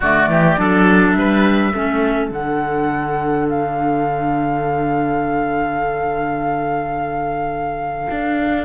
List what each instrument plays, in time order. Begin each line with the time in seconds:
0.00 cello D3, clarinet A3, oboe F#4, flute D5
0.27 cello E3, oboe G4
0.57 cello F#3, clarinet D4, oboe A4
1.11 cello G3, flute E5
1.18 oboe B4
1.73 cello A3, clarinet C#4, oboe A4
2.30 cello D3, clarinet D4, flute F#5
3.49 flute F5
8.10 cello D4